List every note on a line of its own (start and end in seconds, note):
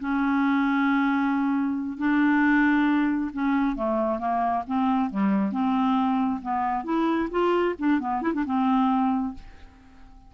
0.00 1.98 C#4
1.98 3.31 D4
3.33 3.76 C#4
3.76 4.19 A3
4.19 4.63 A#3
4.67 5.11 C4
5.11 5.52 G3
5.52 6.41 C4
6.42 6.84 B3
6.84 7.29 E4
7.31 7.75 F4
7.79 8.00 D4
8.00 8.22 B3
8.22 8.33 E4
8.34 8.45 D4
8.45 9.34 C4